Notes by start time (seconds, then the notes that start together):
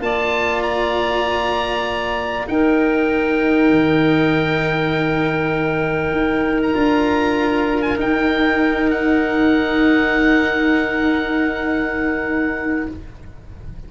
0.00 A#3 F4 D5 A5
0.63 A#5
2.47 D#4 A#4 G5
3.70 D#3
6.12 D#4
6.63 A#5
6.75 D4 F4
7.82 G#5
7.97 D#4 G5
8.91 F#5